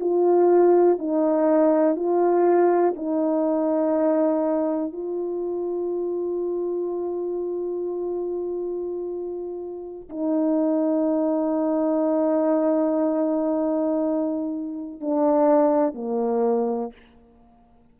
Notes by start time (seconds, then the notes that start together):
0.00 F4
0.98 D#4
1.96 F4
2.96 D#4
4.92 F4
10.09 D#4
15.00 D4
15.94 A#3